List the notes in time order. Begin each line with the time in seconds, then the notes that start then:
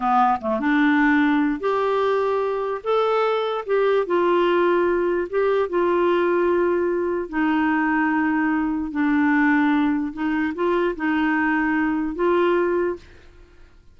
0.00 B3
0.40 A3
0.60 D4
1.59 G4
2.83 A4
3.66 G4
4.06 F4
5.29 G4
5.69 F4
7.29 D#4
8.91 D4
10.13 D#4
10.54 F4
10.96 D#4
12.15 F4